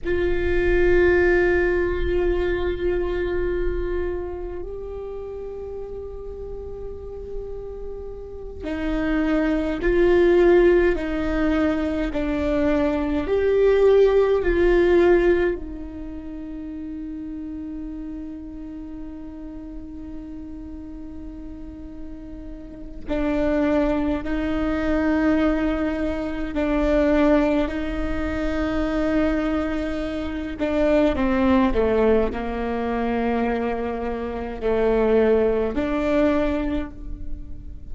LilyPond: \new Staff \with { instrumentName = "viola" } { \time 4/4 \tempo 4 = 52 f'1 | g'2.~ g'8 dis'8~ | dis'8 f'4 dis'4 d'4 g'8~ | g'8 f'4 dis'2~ dis'8~ |
dis'1 | d'4 dis'2 d'4 | dis'2~ dis'8 d'8 c'8 a8 | ais2 a4 d'4 | }